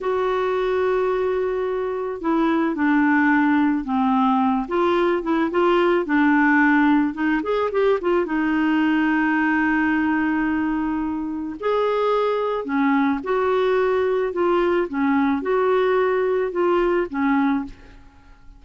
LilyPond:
\new Staff \with { instrumentName = "clarinet" } { \time 4/4 \tempo 4 = 109 fis'1 | e'4 d'2 c'4~ | c'8 f'4 e'8 f'4 d'4~ | d'4 dis'8 gis'8 g'8 f'8 dis'4~ |
dis'1~ | dis'4 gis'2 cis'4 | fis'2 f'4 cis'4 | fis'2 f'4 cis'4 | }